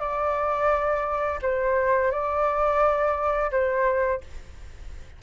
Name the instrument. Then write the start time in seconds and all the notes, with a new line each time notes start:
flute
0.00 D5
1.42 C5
2.11 D5
3.51 C5